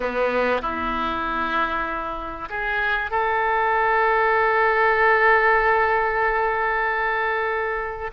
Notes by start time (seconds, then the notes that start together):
0.00 B3
0.61 E4
2.49 G#4
3.10 A4